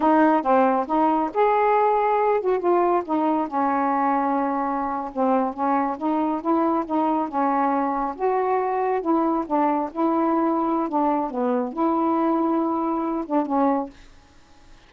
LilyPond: \new Staff \with { instrumentName = "saxophone" } { \time 4/4 \tempo 4 = 138 dis'4 c'4 dis'4 gis'4~ | gis'4. fis'8 f'4 dis'4 | cis'2.~ cis'8. c'16~ | c'8. cis'4 dis'4 e'4 dis'16~ |
dis'8. cis'2 fis'4~ fis'16~ | fis'8. e'4 d'4 e'4~ e'16~ | e'4 d'4 b4 e'4~ | e'2~ e'8 d'8 cis'4 | }